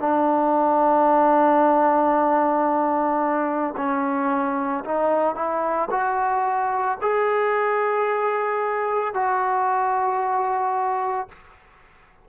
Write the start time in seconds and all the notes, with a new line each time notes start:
0.00 D4
3.77 C#4
4.85 D#4
5.36 E4
5.91 F#4
7.02 G#4
9.15 F#4